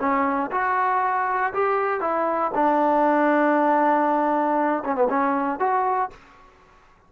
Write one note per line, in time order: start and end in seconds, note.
0.00 0.51 C#4
0.51 1.53 F#4
1.54 2.01 G4
2.01 2.51 E4
2.55 4.84 D4
4.84 4.95 C#4
4.95 5.08 B3
5.10 5.60 C#4
5.60 6.10 F#4